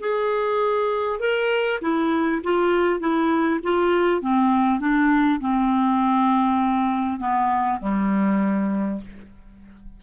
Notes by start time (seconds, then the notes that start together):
0.00 G#4
1.19 A#4
1.81 E4
2.43 F4
3.00 E4
3.63 F4
4.21 C4
4.80 D4
5.40 C4
7.19 B3
7.80 G3